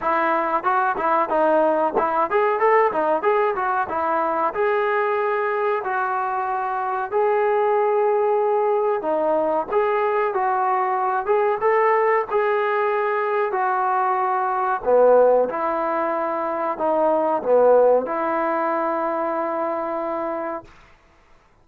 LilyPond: \new Staff \with { instrumentName = "trombone" } { \time 4/4 \tempo 4 = 93 e'4 fis'8 e'8 dis'4 e'8 gis'8 | a'8 dis'8 gis'8 fis'8 e'4 gis'4~ | gis'4 fis'2 gis'4~ | gis'2 dis'4 gis'4 |
fis'4. gis'8 a'4 gis'4~ | gis'4 fis'2 b4 | e'2 dis'4 b4 | e'1 | }